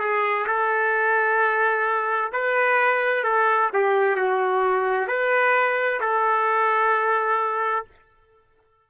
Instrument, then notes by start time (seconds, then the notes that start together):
trumpet
0.00 G#4
0.47 A4
2.33 B4
3.24 A4
3.74 G4
4.17 F#4
5.08 B4
6.01 A4